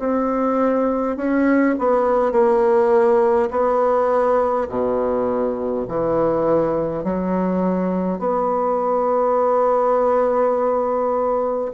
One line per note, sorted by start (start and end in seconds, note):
0.00 1.17 C4
1.17 1.76 C#4
1.79 2.32 B3
2.32 3.50 A#3
3.51 4.68 B3
4.69 5.87 B2
5.88 7.04 E3
7.04 8.19 F#3
8.19 11.72 B3